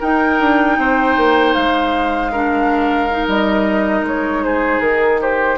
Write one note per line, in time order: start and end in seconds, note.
0.00 2.32 D#4
0.00 0.40 D#4
0.00 0.77 A#4
0.00 1.54 G5
0.40 0.78 D4
0.78 1.17 C4
0.78 2.32 C5
1.17 1.55 A#3
1.54 3.28 G#3
1.54 3.27 F5
2.32 3.10 D4
2.32 4.44 A#4
3.10 5.58 D#4
3.28 4.02 G3
3.28 4.05 D#5
4.02 4.79 G#3
4.02 4.44 C#5
4.44 5.21 G#4
4.44 4.80 C5
4.80 5.57 D#3
4.80 5.19 A#4
5.21 5.58 G4
5.21 5.58 C5